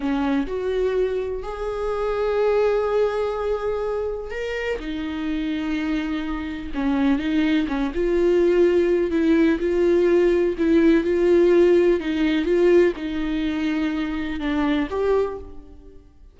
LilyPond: \new Staff \with { instrumentName = "viola" } { \time 4/4 \tempo 4 = 125 cis'4 fis'2 gis'4~ | gis'1~ | gis'4 ais'4 dis'2~ | dis'2 cis'4 dis'4 |
cis'8 f'2~ f'8 e'4 | f'2 e'4 f'4~ | f'4 dis'4 f'4 dis'4~ | dis'2 d'4 g'4 | }